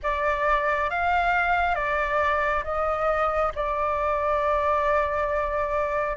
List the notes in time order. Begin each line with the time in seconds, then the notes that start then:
0.02 D5
0.90 F5
1.75 D5
2.64 D#5
3.55 D5